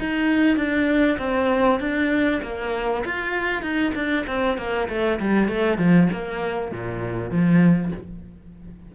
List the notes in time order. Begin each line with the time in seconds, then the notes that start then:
0.00 D#4
0.57 D4
1.19 C4
1.80 D4
2.43 A#3
3.05 F4
3.62 D#4
3.95 D4
4.27 C4
4.58 A#3
4.89 A3
5.20 G3
5.49 A3
5.78 F3
6.13 A#3
6.72 A#2
7.31 F3